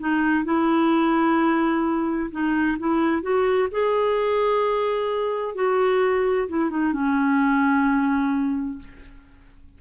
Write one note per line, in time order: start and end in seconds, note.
0.00 0.45 D#4
0.45 2.31 E4
2.32 2.78 D#4
2.79 3.22 E4
3.22 3.69 F#4
3.72 5.55 G#4
5.55 6.48 F#4
6.49 6.70 E4
6.70 6.93 D#4
6.93 8.79 C#4